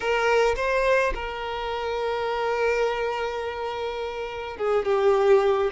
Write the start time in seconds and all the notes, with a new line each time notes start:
0.00 A#4
0.56 C5
1.14 A#4
4.57 G#4
4.85 G4